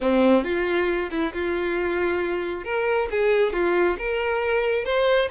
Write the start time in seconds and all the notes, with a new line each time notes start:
0.00 C4
0.44 F4
1.10 E4
1.33 F4
2.64 A#4
3.10 G#4
3.52 F4
3.98 A#4
4.84 C5